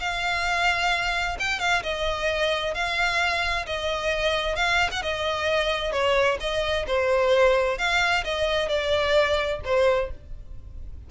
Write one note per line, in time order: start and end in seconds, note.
0.00 1.37 F5
1.40 1.60 G5
1.60 1.83 F5
1.83 2.74 D#5
2.74 3.66 F5
3.66 4.56 D#5
4.56 4.90 F5
4.92 5.02 F#5
5.02 5.92 D#5
5.92 6.38 C#5
6.40 6.86 D#5
6.87 7.78 C5
7.78 8.24 F5
8.24 8.69 D#5
8.69 9.60 D5
9.65 10.11 C5